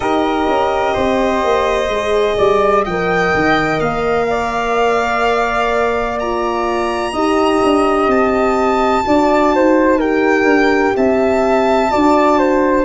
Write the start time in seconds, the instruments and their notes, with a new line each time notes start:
0.00 tuba D#4, horn G4, flute A#4, violin D#5
0.47 tuba C#4
0.93 tuba C4, flute C5
1.44 tuba A#3
1.88 tuba G#3, horn G#4
2.37 tuba G3, flute D5
2.83 tuba F3, flute D#5, violin G5
2.89 horn A#4
3.34 tuba D#3
3.79 tuba A#3, violin F5
4.29 flute D5
6.19 horn F4, violin A#5
7.11 tuba D#4, horn G4, flute D#5
7.63 tuba D4
8.07 tuba C4, violin A5
9.04 tuba D4, horn F#4, flute D5
9.54 tuba D#4, flute C5
9.97 horn G4, flute A#4, violin G5
10.44 tuba D4
10.96 tuba C4, flute E5, violin A5
11.89 tuba D4, horn F#4, flute D5
12.38 flute C5